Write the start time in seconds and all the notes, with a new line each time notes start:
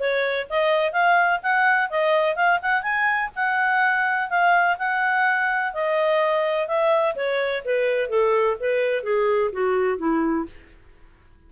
0.00 C#5
0.50 D#5
0.93 F5
1.43 F#5
1.91 D#5
2.36 F5
2.63 F#5
2.83 G#5
3.36 F#5
4.30 F5
4.79 F#5
5.74 D#5
6.68 E5
7.16 C#5
7.65 B4
8.10 A4
8.61 B4
9.04 G#4
9.53 F#4
9.98 E4